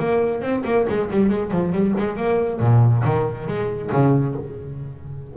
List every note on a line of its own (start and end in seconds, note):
0.00 0.42 A#3
0.42 0.64 C4
0.65 0.87 A#3
0.89 1.11 G#3
1.11 1.30 G3
1.30 1.51 G#3
1.51 1.73 F3
1.73 1.95 G3
1.98 2.17 G#3
2.17 2.60 A#3
2.60 3.04 A#2
3.05 3.48 D#3
3.48 3.91 G#3
3.92 4.36 C#3